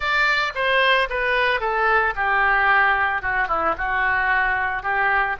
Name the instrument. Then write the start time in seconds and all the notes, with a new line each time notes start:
oboe
0.00 D5
0.55 C5
1.09 B4
1.60 A4
2.15 G4
3.22 F#4
3.47 E4
3.77 F#4
4.83 G4